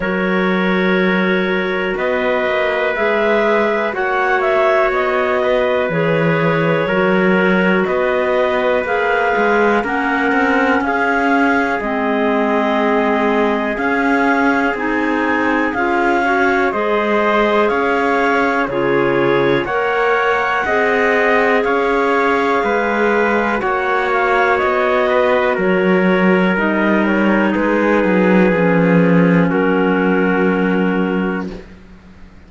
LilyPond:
<<
  \new Staff \with { instrumentName = "clarinet" } { \time 4/4 \tempo 4 = 61 cis''2 dis''4 e''4 | fis''8 e''8 dis''4 cis''2 | dis''4 f''4 fis''4 f''4 | dis''2 f''4 gis''4 |
f''4 dis''4 f''4 cis''4 | fis''2 f''2 | fis''8 f''8 dis''4 cis''4 dis''8 cis''8 | b'2 ais'2 | }
  \new Staff \with { instrumentName = "trumpet" } { \time 4/4 ais'2 b'2 | cis''4. b'4. ais'4 | b'2 ais'4 gis'4~ | gis'1~ |
gis'8 cis''8 c''4 cis''4 gis'4 | cis''4 dis''4 cis''4 b'4 | cis''4. b'8 ais'2 | gis'2 fis'2 | }
  \new Staff \with { instrumentName = "clarinet" } { \time 4/4 fis'2. gis'4 | fis'2 gis'4 fis'4~ | fis'4 gis'4 cis'2 | c'2 cis'4 dis'4 |
f'8 fis'8 gis'2 f'4 | ais'4 gis'2. | fis'2. dis'4~ | dis'4 cis'2. | }
  \new Staff \with { instrumentName = "cello" } { \time 4/4 fis2 b8 ais8 gis4 | ais4 b4 e4 fis4 | b4 ais8 gis8 ais8 c'8 cis'4 | gis2 cis'4 c'4 |
cis'4 gis4 cis'4 cis4 | ais4 c'4 cis'4 gis4 | ais4 b4 fis4 g4 | gis8 fis8 f4 fis2 | }
>>